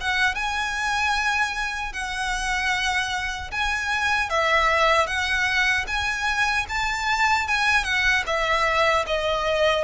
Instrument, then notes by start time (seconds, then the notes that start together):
violin
0.00 F#5
0.34 G#5
1.92 F#5
3.51 G#5
4.29 E5
5.06 F#5
5.87 G#5
6.69 A5
7.47 G#5
7.84 F#5
8.26 E5
9.06 D#5